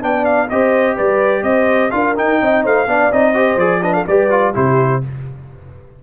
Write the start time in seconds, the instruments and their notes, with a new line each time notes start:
0.00 tuba B3, trombone D4, horn D5, trumpet G5
0.25 trumpet F5
0.49 tuba C4, trombone G4, horn C5, trumpet D#5
0.95 tuba G3, horn B4, trumpet D5
1.43 tuba C4, horn C5, trumpet D#5
1.90 tuba D4, trombone F4, horn A#4, trumpet F5
2.15 trombone D#4, tuba D#4, trumpet G5
2.40 tuba C4, horn D#5
2.63 tuba A3, horn C5, trumpet F5
2.87 tuba B3, trombone D4, horn D5
3.12 tuba C4, trombone D#4, trumpet D#5
3.33 trombone G4, horn C5
3.56 tuba F3, trombone G#4, trumpet D5
3.82 trombone D4, horn B4, trumpet D#5
3.93 horn A4, trumpet F5
4.07 tuba G3, trombone G4, horn B4, trumpet D5
4.30 trombone F4
4.53 tuba C3, trombone E4, horn G4, trumpet C5